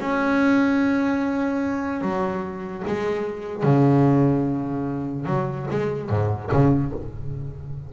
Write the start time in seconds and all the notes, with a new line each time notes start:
0.00 C#4
2.01 F#3
2.87 G#3
3.63 C#3
5.26 F#3
5.71 G#3
6.09 G#2
6.52 C#3